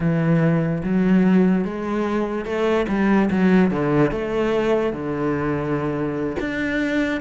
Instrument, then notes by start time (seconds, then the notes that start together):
cello
0.00 E3
0.83 F#3
1.64 G#3
2.45 A3
2.88 G3
3.30 F#3
3.70 D3
4.11 A3
4.92 D3
6.39 D4